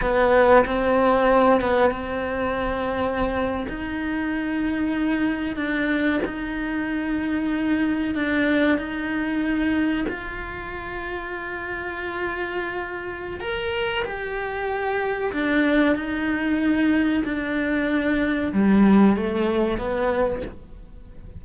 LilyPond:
\new Staff \with { instrumentName = "cello" } { \time 4/4 \tempo 4 = 94 b4 c'4. b8 c'4~ | c'4.~ c'16 dis'2~ dis'16~ | dis'8. d'4 dis'2~ dis'16~ | dis'8. d'4 dis'2 f'16~ |
f'1~ | f'4 ais'4 g'2 | d'4 dis'2 d'4~ | d'4 g4 a4 b4 | }